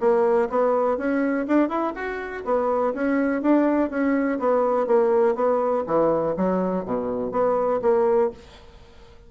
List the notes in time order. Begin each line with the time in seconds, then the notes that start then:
0.00 A#3
0.50 B3
0.98 C#4
1.48 D4
1.69 E4
1.95 F#4
2.45 B3
2.94 C#4
3.42 D4
3.90 C#4
4.39 B3
4.87 A#3
5.35 B3
5.87 E3
6.37 F#3
6.85 B2
7.32 B3
7.82 A#3